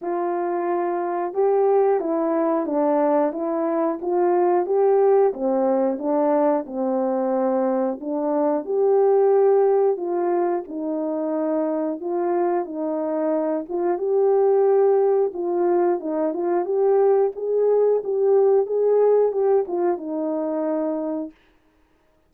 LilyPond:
\new Staff \with { instrumentName = "horn" } { \time 4/4 \tempo 4 = 90 f'2 g'4 e'4 | d'4 e'4 f'4 g'4 | c'4 d'4 c'2 | d'4 g'2 f'4 |
dis'2 f'4 dis'4~ | dis'8 f'8 g'2 f'4 | dis'8 f'8 g'4 gis'4 g'4 | gis'4 g'8 f'8 dis'2 | }